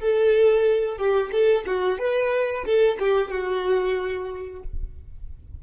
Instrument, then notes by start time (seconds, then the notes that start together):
violin
0.00 A4
0.98 G4
1.32 A4
1.67 F#4
1.99 B4
2.65 A4
2.99 G4
3.31 F#4